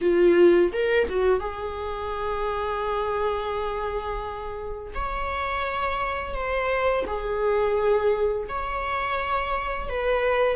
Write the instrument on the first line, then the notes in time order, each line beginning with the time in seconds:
viola
0.01 F4
0.72 A#4
1.09 F#4
1.40 G#4
4.94 C#5
6.34 C5
7.07 G#4
8.48 C#5
9.89 B4